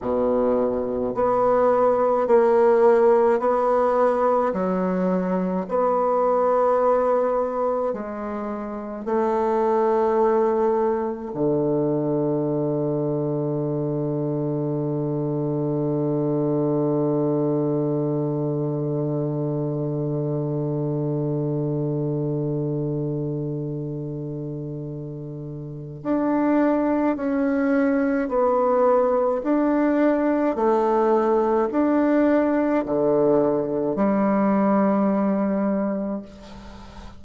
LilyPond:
\new Staff \with { instrumentName = "bassoon" } { \time 4/4 \tempo 4 = 53 b,4 b4 ais4 b4 | fis4 b2 gis4 | a2 d2~ | d1~ |
d1~ | d2. d'4 | cis'4 b4 d'4 a4 | d'4 d4 g2 | }